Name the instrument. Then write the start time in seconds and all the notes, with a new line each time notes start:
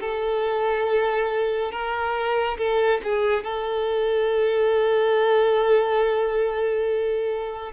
violin
0.00 A4
1.71 A#4
2.58 A4
3.03 G#4
3.44 A4